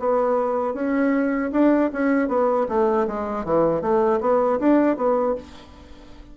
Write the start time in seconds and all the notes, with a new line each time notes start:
0.00 B3
0.74 C#4
1.52 D4
1.93 C#4
2.29 B3
2.69 A3
3.08 G#3
3.45 E3
3.82 A3
4.21 B3
4.60 D4
4.97 B3